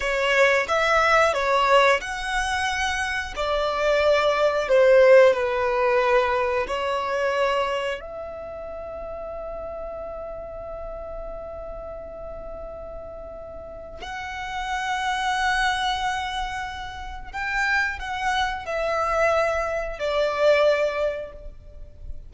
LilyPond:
\new Staff \with { instrumentName = "violin" } { \time 4/4 \tempo 4 = 90 cis''4 e''4 cis''4 fis''4~ | fis''4 d''2 c''4 | b'2 cis''2 | e''1~ |
e''1~ | e''4 fis''2.~ | fis''2 g''4 fis''4 | e''2 d''2 | }